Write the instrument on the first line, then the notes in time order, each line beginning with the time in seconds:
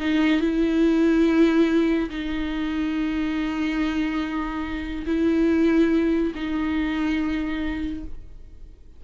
viola
0.00 D#4
0.41 E4
2.10 D#4
5.06 E4
6.35 D#4